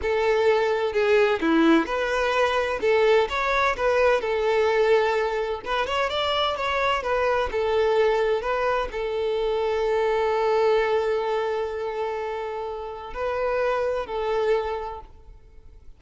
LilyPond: \new Staff \with { instrumentName = "violin" } { \time 4/4 \tempo 4 = 128 a'2 gis'4 e'4 | b'2 a'4 cis''4 | b'4 a'2. | b'8 cis''8 d''4 cis''4 b'4 |
a'2 b'4 a'4~ | a'1~ | a'1 | b'2 a'2 | }